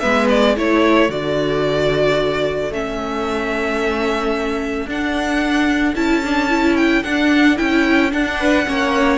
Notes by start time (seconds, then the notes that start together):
0.00 G#3 B3 B4 E5
0.29 D5
0.54 A3 E4 A4 C#5
1.09 D3 F#4 D5
2.70 A3 C#4 E5
4.86 D4 F#5
5.96 C#4 E4 A5
6.25 D4
6.49 E4
6.77 G5
7.03 D4 F#5
7.57 C#4 E4 G5
8.11 D4 F#5
8.39 B4
8.66 A#3 C#4 C#5